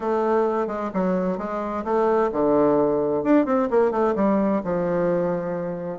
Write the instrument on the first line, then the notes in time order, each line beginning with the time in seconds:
bassoon
0.00 A3
0.67 G#3
0.93 F#3
1.38 G#3
1.84 A3
2.32 D3
3.23 D4
3.45 C4
3.70 A#3
3.91 A3
4.15 G3
4.63 F3